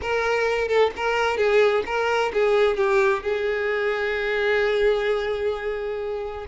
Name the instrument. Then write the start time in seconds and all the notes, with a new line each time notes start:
violin
0.01 A#4
0.67 A4
0.96 A#4
1.37 G#4
1.86 A#4
2.33 G#4
2.77 G4
3.22 G#4